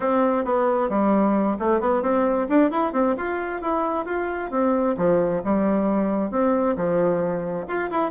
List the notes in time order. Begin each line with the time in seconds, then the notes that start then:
0.00 C4
0.44 B3
0.89 G3
1.59 A3
1.80 B3
2.02 C4
2.48 D4
2.70 E4
2.93 C4
3.17 F4
3.61 E4
4.05 F4
4.51 C4
4.97 F3
5.44 G3
6.31 C4
6.76 F3
7.67 F4
7.91 E4